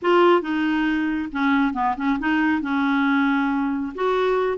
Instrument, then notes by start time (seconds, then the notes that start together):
clarinet
0.01 F4
0.41 D#4
1.32 C#4
1.73 B3
1.96 C#4
2.19 D#4
2.61 C#4
3.94 F#4